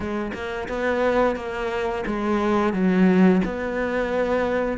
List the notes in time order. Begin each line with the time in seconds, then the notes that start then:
0.00 G#3
0.33 A#3
0.68 B3
1.36 A#3
2.06 G#3
2.73 F#3
3.44 B3